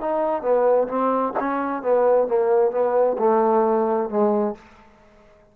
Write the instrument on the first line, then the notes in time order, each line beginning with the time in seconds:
trombone
0.00 D#4
0.42 B3
0.88 C4
1.39 C#4
1.82 B3
2.27 A#3
2.71 B3
3.18 A3
4.09 G#3